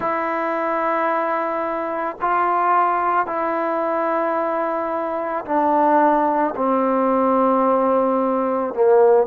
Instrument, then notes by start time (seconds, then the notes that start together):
trombone
0.00 E4
2.21 F4
3.26 E4
5.45 D4
6.56 C4
8.73 A#3